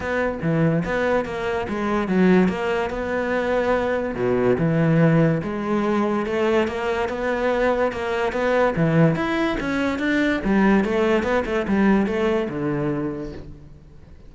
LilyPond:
\new Staff \with { instrumentName = "cello" } { \time 4/4 \tempo 4 = 144 b4 e4 b4 ais4 | gis4 fis4 ais4 b4~ | b2 b,4 e4~ | e4 gis2 a4 |
ais4 b2 ais4 | b4 e4 e'4 cis'4 | d'4 g4 a4 b8 a8 | g4 a4 d2 | }